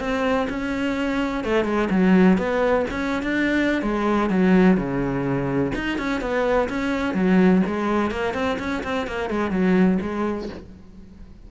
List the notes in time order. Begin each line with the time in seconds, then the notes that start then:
0.00 C4
0.50 C#4
1.44 A3
1.65 G#3
1.90 F#3
2.38 B3
2.91 C#4
3.23 D4
3.83 G#3
4.30 F#3
4.77 C#3
5.75 D#4
5.99 C#4
6.21 B3
6.69 C#4
7.15 F#3
7.67 G#3
8.11 A#3
8.34 C4
8.60 C#4
8.84 C4
9.07 A#3
9.30 G#3
9.51 F#3
10.02 G#3